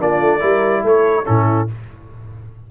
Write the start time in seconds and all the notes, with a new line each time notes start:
0.00 A#3 D4 F4 D5
0.20 A3
0.40 G3 E4 A#4
0.83 A3 A4 C#5
1.25 A2 C#4 E4 A4